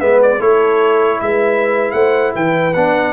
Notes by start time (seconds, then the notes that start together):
0.00 G#3 B3 B4 E5
0.23 D5
0.39 A3 E4 A4 C#5
1.21 G#3 B4 E5
1.92 A3 C5 F#5
2.36 E3 B4 G5
2.74 B3 D4 F#5